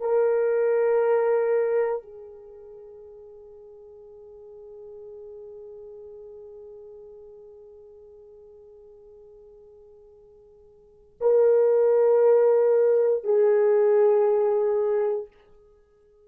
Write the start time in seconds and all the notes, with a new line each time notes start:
0.00 A#4
2.02 G#4
11.20 A#4
13.24 G#4